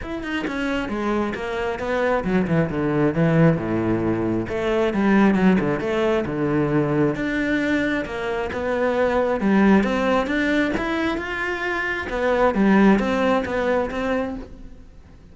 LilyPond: \new Staff \with { instrumentName = "cello" } { \time 4/4 \tempo 4 = 134 e'8 dis'8 cis'4 gis4 ais4 | b4 fis8 e8 d4 e4 | a,2 a4 g4 | fis8 d8 a4 d2 |
d'2 ais4 b4~ | b4 g4 c'4 d'4 | e'4 f'2 b4 | g4 c'4 b4 c'4 | }